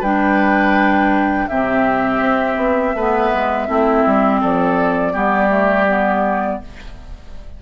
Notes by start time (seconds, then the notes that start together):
0.00 G3 D4 B4 G5
1.48 C3 C4 G4 E5
2.20 C4
2.57 B3
2.95 A3 B3 B4
3.33 G#3
3.67 A3 C4 E4
4.06 G3
4.41 F3 A4 D5
5.13 G3 B3 G4
5.49 A3
5.88 B3